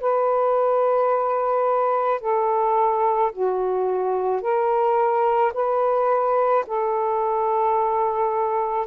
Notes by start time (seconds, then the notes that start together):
0.00 B4
2.21 A4
3.32 F#4
4.41 A#4
5.54 B4
6.66 A4